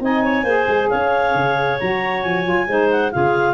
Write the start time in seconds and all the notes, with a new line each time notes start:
0.00 C4 D#4 D#5 G#5
0.24 C#5
0.43 A#3 G#4 C5
0.68 G#3
0.89 C#4 C#5 F5
1.34 C#3
1.79 F#3 F#4 A#5
2.22 F3 G#5
2.44 F#3 F4
2.68 G#3 D#4 C5
2.91 F#5
3.11 C#3 F4 G#4 F5